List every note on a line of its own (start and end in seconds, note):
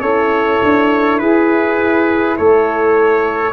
0.00 0.59 C#4
0.00 3.52 E4
0.00 1.20 A4
0.00 1.18 C#5
0.63 1.21 D4
1.18 2.38 E4
1.18 2.38 G#4
1.18 2.36 B4
2.37 3.52 A3
2.37 3.52 A4
2.37 3.52 C#5